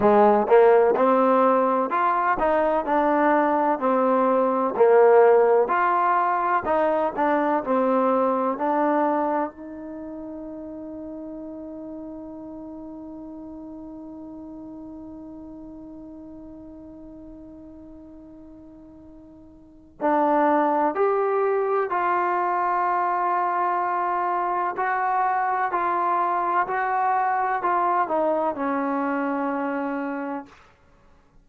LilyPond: \new Staff \with { instrumentName = "trombone" } { \time 4/4 \tempo 4 = 63 gis8 ais8 c'4 f'8 dis'8 d'4 | c'4 ais4 f'4 dis'8 d'8 | c'4 d'4 dis'2~ | dis'1~ |
dis'1~ | dis'4 d'4 g'4 f'4~ | f'2 fis'4 f'4 | fis'4 f'8 dis'8 cis'2 | }